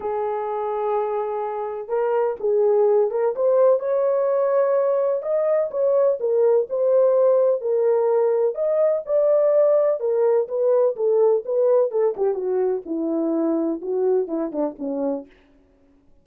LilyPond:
\new Staff \with { instrumentName = "horn" } { \time 4/4 \tempo 4 = 126 gis'1 | ais'4 gis'4. ais'8 c''4 | cis''2. dis''4 | cis''4 ais'4 c''2 |
ais'2 dis''4 d''4~ | d''4 ais'4 b'4 a'4 | b'4 a'8 g'8 fis'4 e'4~ | e'4 fis'4 e'8 d'8 cis'4 | }